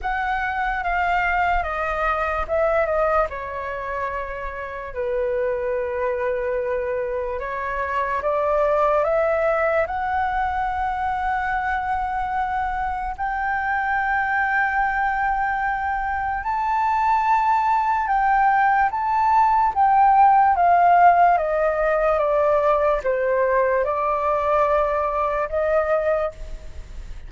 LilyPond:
\new Staff \with { instrumentName = "flute" } { \time 4/4 \tempo 4 = 73 fis''4 f''4 dis''4 e''8 dis''8 | cis''2 b'2~ | b'4 cis''4 d''4 e''4 | fis''1 |
g''1 | a''2 g''4 a''4 | g''4 f''4 dis''4 d''4 | c''4 d''2 dis''4 | }